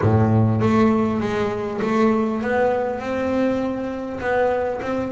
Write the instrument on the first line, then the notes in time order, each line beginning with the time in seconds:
double bass
0.01 A2
0.60 A3
1.20 G#3
1.81 A3
2.41 B3
2.99 C4
4.20 B3
4.81 C4